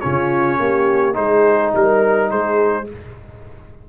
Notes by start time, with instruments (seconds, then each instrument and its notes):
0.00 tuba C#3, trombone C#4, horn F4, trumpet C#5
0.59 tuba A#3, horn G4
1.13 tuba G#3, trombone D#4, horn G#4, trumpet C5
1.74 tuba G3, horn A#4, trumpet A#4
2.30 tuba G#3, horn G#4, trumpet C5